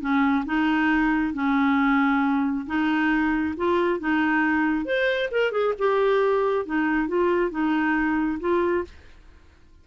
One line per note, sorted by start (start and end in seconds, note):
0.00 0.44 C#4
0.45 1.33 D#4
1.33 2.66 C#4
2.66 3.54 D#4
3.56 3.99 F4
3.99 4.85 D#4
4.85 5.29 C5
5.31 5.51 A#4
5.51 5.73 G#4
5.78 6.65 G4
6.65 7.08 D#4
7.08 7.50 F4
7.50 8.39 D#4
8.40 8.84 F4